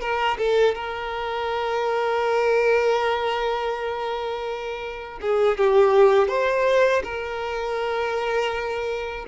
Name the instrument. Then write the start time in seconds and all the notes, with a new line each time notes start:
violin
0.00 A#4
0.38 A4
0.74 A#4
5.21 G#4
5.57 G4
6.28 C5
7.03 A#4